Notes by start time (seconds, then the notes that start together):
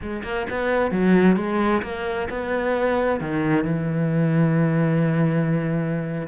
0.01 G#3
0.23 A#3
0.50 B3
0.91 F#3
1.36 G#3
1.82 A#3
2.29 B3
3.20 D#3
3.64 E3